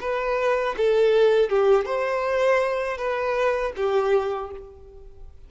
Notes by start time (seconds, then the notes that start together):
0.00 B4
0.77 A4
1.49 G4
1.85 C5
2.97 B4
3.76 G4